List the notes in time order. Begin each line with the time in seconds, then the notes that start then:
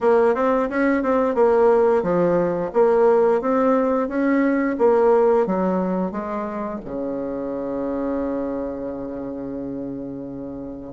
0.01 A#3
0.34 C4
0.69 C#4
1.03 C4
1.35 A#3
2.03 F3
2.73 A#3
3.41 C4
4.08 C#4
4.78 A#3
5.46 F#3
6.11 G#3
6.84 C#3